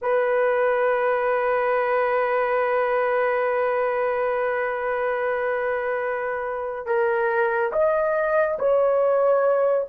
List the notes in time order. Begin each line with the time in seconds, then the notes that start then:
0.01 B4
6.86 A#4
7.72 D#5
8.58 C#5